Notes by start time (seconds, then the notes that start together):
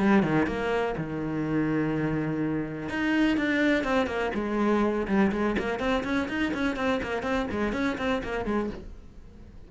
0.00 G3
0.23 D#3
0.47 A#3
0.98 D#3
2.89 D#4
3.37 D4
3.84 C4
4.07 A#3
4.35 G#3
5.08 G3
5.32 G#3
5.59 A#3
5.80 C4
6.04 C#4
6.29 D#4
6.54 C#4
6.77 C4
7.03 A#3
7.23 C4
7.52 G#3
7.73 C#4
7.98 C4
8.24 A#3
8.46 G#3